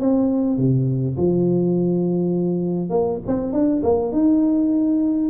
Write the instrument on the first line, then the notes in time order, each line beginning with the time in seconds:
tuba
0.00 C4
0.57 C3
1.17 F3
2.90 A#3
3.27 C4
3.53 D4
3.83 A#3
4.13 D#4